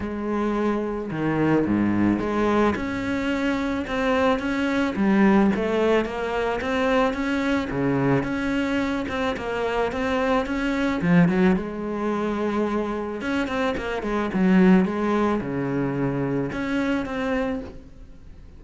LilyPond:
\new Staff \with { instrumentName = "cello" } { \time 4/4 \tempo 4 = 109 gis2 dis4 gis,4 | gis4 cis'2 c'4 | cis'4 g4 a4 ais4 | c'4 cis'4 cis4 cis'4~ |
cis'8 c'8 ais4 c'4 cis'4 | f8 fis8 gis2. | cis'8 c'8 ais8 gis8 fis4 gis4 | cis2 cis'4 c'4 | }